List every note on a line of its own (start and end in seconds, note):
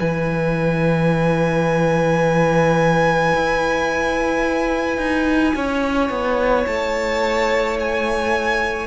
0.00 3.34 E3
0.00 8.87 E4
0.00 5.56 B4
0.00 6.67 G#5
3.35 4.98 E4
4.98 5.54 D#4
5.56 6.10 C#4
5.56 8.87 C#5
6.10 6.66 B3
6.67 8.87 A3
6.67 7.78 A5
7.80 8.87 G#5